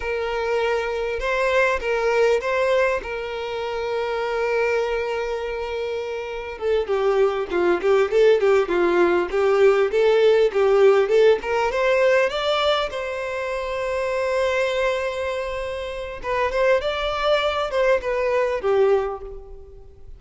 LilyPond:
\new Staff \with { instrumentName = "violin" } { \time 4/4 \tempo 4 = 100 ais'2 c''4 ais'4 | c''4 ais'2.~ | ais'2. a'8 g'8~ | g'8 f'8 g'8 a'8 g'8 f'4 g'8~ |
g'8 a'4 g'4 a'8 ais'8 c''8~ | c''8 d''4 c''2~ c''8~ | c''2. b'8 c''8 | d''4. c''8 b'4 g'4 | }